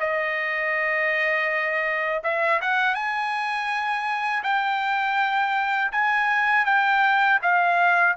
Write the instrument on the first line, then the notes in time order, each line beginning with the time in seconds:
trumpet
0.00 D#5
2.23 E5
2.62 F#5
2.95 G#5
4.43 G5
5.92 G#5
6.66 G5
7.42 F5